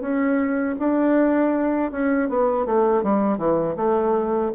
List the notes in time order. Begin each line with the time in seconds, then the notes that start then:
0.00 C#4
0.79 D4
1.91 C#4
2.29 B3
2.66 A3
3.03 G3
3.38 E3
3.76 A3